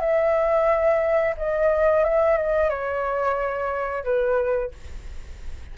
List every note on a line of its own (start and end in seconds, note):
0.00 1.35 E5
1.37 2.04 D#5
2.04 2.37 E5
2.37 2.70 D#5
2.70 4.04 C#5
4.04 4.71 B4